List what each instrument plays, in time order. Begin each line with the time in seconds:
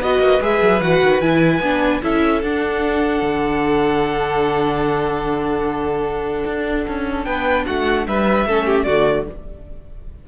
0.00 cello B3, viola F#4, violin B4 D#5
0.19 cello A#3
0.41 cello G#3, viola G#4, violin E5
0.62 cello F#3
0.82 cello E3, viola F#4, violin F#5
1.03 cello D#3
1.21 cello E3, viola E4, violin G#5
1.61 cello B3, viola D4
2.02 cello C#4, viola E4, violin A4 E5
2.43 cello D4, viola D4, violin F#5
3.22 cello D3
6.46 cello D4
6.88 cello C#4
7.24 cello B3, violin B4 G5
7.67 cello A3, violin F#4 F#5
8.07 cello G3, violin B4 E5
8.46 cello A3, viola C#4, violin A4
8.67 violin G4
8.84 cello D3, viola A3, violin F#4 D5